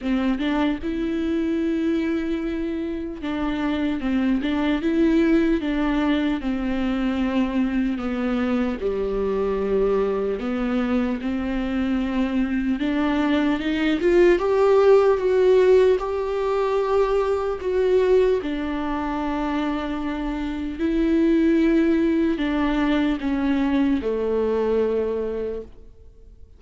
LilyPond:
\new Staff \with { instrumentName = "viola" } { \time 4/4 \tempo 4 = 75 c'8 d'8 e'2. | d'4 c'8 d'8 e'4 d'4 | c'2 b4 g4~ | g4 b4 c'2 |
d'4 dis'8 f'8 g'4 fis'4 | g'2 fis'4 d'4~ | d'2 e'2 | d'4 cis'4 a2 | }